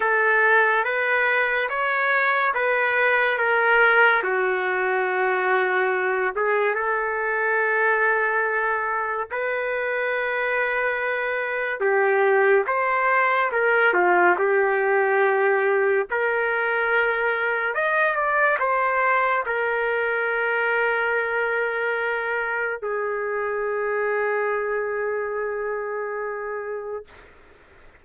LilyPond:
\new Staff \with { instrumentName = "trumpet" } { \time 4/4 \tempo 4 = 71 a'4 b'4 cis''4 b'4 | ais'4 fis'2~ fis'8 gis'8 | a'2. b'4~ | b'2 g'4 c''4 |
ais'8 f'8 g'2 ais'4~ | ais'4 dis''8 d''8 c''4 ais'4~ | ais'2. gis'4~ | gis'1 | }